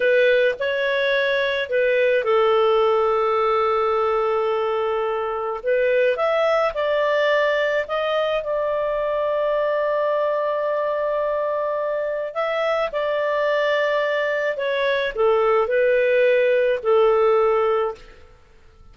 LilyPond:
\new Staff \with { instrumentName = "clarinet" } { \time 4/4 \tempo 4 = 107 b'4 cis''2 b'4 | a'1~ | a'2 b'4 e''4 | d''2 dis''4 d''4~ |
d''1~ | d''2 e''4 d''4~ | d''2 cis''4 a'4 | b'2 a'2 | }